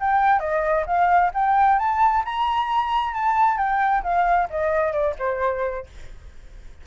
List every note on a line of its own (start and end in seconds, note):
0.00 0.40 G5
0.40 0.85 D#5
0.86 1.31 F5
1.34 1.79 G5
1.79 2.24 A5
2.25 3.14 A#5
3.14 3.58 A5
3.58 4.03 G5
4.03 4.48 F5
4.50 4.92 D#5
4.92 5.15 D5
5.19 5.86 C5